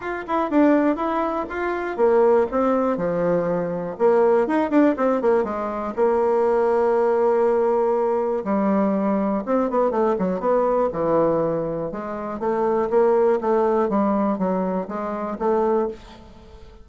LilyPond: \new Staff \with { instrumentName = "bassoon" } { \time 4/4 \tempo 4 = 121 f'8 e'8 d'4 e'4 f'4 | ais4 c'4 f2 | ais4 dis'8 d'8 c'8 ais8 gis4 | ais1~ |
ais4 g2 c'8 b8 | a8 fis8 b4 e2 | gis4 a4 ais4 a4 | g4 fis4 gis4 a4 | }